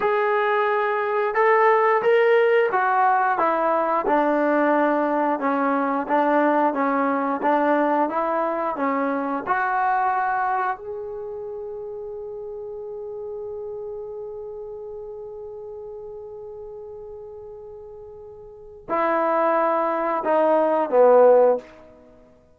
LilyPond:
\new Staff \with { instrumentName = "trombone" } { \time 4/4 \tempo 4 = 89 gis'2 a'4 ais'4 | fis'4 e'4 d'2 | cis'4 d'4 cis'4 d'4 | e'4 cis'4 fis'2 |
gis'1~ | gis'1~ | gis'1 | e'2 dis'4 b4 | }